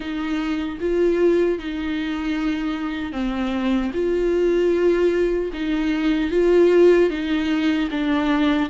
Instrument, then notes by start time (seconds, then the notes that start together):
viola
0.00 D#4
0.80 F4
1.58 D#4
3.12 C4
3.93 F4
5.53 D#4
6.31 F4
7.09 D#4
7.90 D4